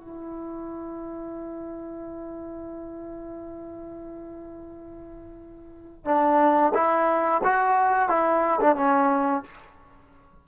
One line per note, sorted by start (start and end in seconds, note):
0.00 6.05 E4
6.05 6.72 D4
6.74 7.41 E4
7.44 8.09 F#4
8.09 8.60 E4
8.60 8.75 D4
8.75 9.43 C#4